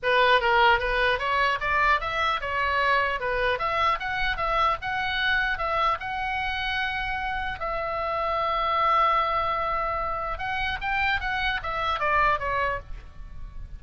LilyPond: \new Staff \with { instrumentName = "oboe" } { \time 4/4 \tempo 4 = 150 b'4 ais'4 b'4 cis''4 | d''4 e''4 cis''2 | b'4 e''4 fis''4 e''4 | fis''2 e''4 fis''4~ |
fis''2. e''4~ | e''1~ | e''2 fis''4 g''4 | fis''4 e''4 d''4 cis''4 | }